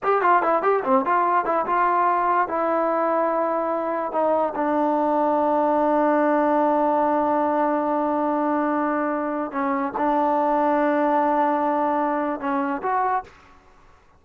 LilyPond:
\new Staff \with { instrumentName = "trombone" } { \time 4/4 \tempo 4 = 145 g'8 f'8 e'8 g'8 c'8 f'4 e'8 | f'2 e'2~ | e'2 dis'4 d'4~ | d'1~ |
d'1~ | d'2. cis'4 | d'1~ | d'2 cis'4 fis'4 | }